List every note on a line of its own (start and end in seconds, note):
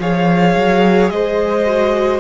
0.00 0.56 F3
0.00 1.66 G#4
0.00 1.12 C#5
0.00 1.10 F5
0.56 1.10 F#3
1.10 2.21 G#3
1.10 2.21 C5
1.10 2.21 D#5
1.66 2.21 F#4